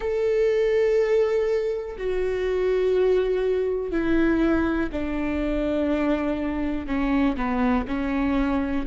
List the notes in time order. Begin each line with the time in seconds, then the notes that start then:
0.00 A4
1.97 F#4
3.91 E4
4.92 D4
6.86 C#4
7.36 B3
7.87 C#4